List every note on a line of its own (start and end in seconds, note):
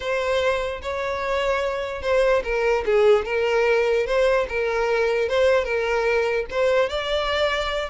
0.00 0.81 C5
0.82 2.02 C#5
2.02 2.42 C5
2.43 2.84 A#4
2.85 3.25 G#4
3.25 4.06 A#4
4.06 4.46 C5
4.48 5.29 A#4
5.29 5.64 C5
5.64 6.45 A#4
6.50 6.89 C5
6.89 7.89 D5